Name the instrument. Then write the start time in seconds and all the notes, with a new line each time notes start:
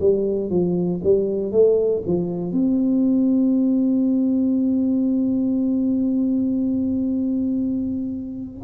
tuba
0.00 G3
0.49 F3
1.04 G3
1.52 A3
2.06 F3
2.52 C4